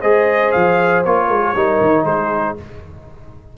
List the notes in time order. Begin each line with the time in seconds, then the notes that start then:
0.00 G#3 G#4 C5 D#5
0.52 F3 F5
1.05 A#3 F4 C#5
1.27 G#3 A#4
1.42 G#4
1.54 G3 D#4 A#4
1.80 D#3
2.04 G#3 G#4 C5